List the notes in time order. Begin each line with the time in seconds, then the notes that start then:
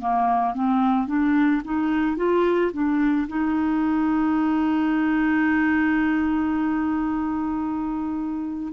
0.00 A#3
0.55 C4
1.08 D4
1.65 D#4
2.17 F4
2.73 D4
3.28 D#4